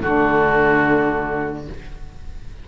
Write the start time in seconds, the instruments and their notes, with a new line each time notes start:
0.00 cello D3, viola A3, saxophone D4, oboe F#4